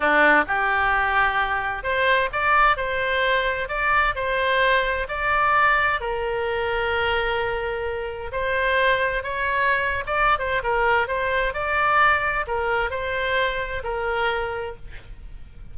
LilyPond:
\new Staff \with { instrumentName = "oboe" } { \time 4/4 \tempo 4 = 130 d'4 g'2. | c''4 d''4 c''2 | d''4 c''2 d''4~ | d''4 ais'2.~ |
ais'2 c''2 | cis''4.~ cis''16 d''8. c''8 ais'4 | c''4 d''2 ais'4 | c''2 ais'2 | }